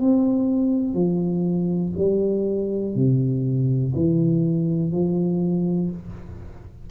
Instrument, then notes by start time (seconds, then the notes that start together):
tuba
0.00 C4
0.94 F3
1.97 G3
2.96 C3
3.96 E3
4.92 F3